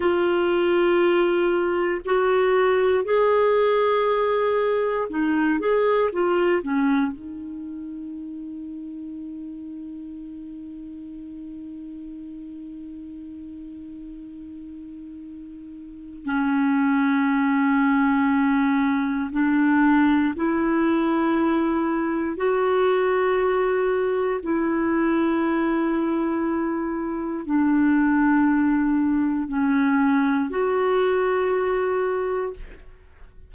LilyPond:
\new Staff \with { instrumentName = "clarinet" } { \time 4/4 \tempo 4 = 59 f'2 fis'4 gis'4~ | gis'4 dis'8 gis'8 f'8 cis'8 dis'4~ | dis'1~ | dis'1 |
cis'2. d'4 | e'2 fis'2 | e'2. d'4~ | d'4 cis'4 fis'2 | }